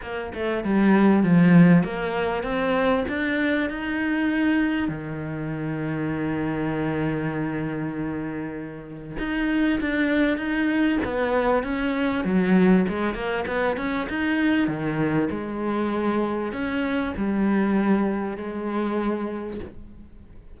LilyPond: \new Staff \with { instrumentName = "cello" } { \time 4/4 \tempo 4 = 98 ais8 a8 g4 f4 ais4 | c'4 d'4 dis'2 | dis1~ | dis2. dis'4 |
d'4 dis'4 b4 cis'4 | fis4 gis8 ais8 b8 cis'8 dis'4 | dis4 gis2 cis'4 | g2 gis2 | }